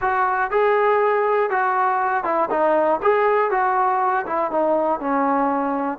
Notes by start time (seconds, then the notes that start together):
0.01 F#4
0.50 G#4
1.50 F#4
2.24 E4
2.50 D#4
3.02 G#4
3.50 F#4
4.26 E4
4.51 D#4
5.00 C#4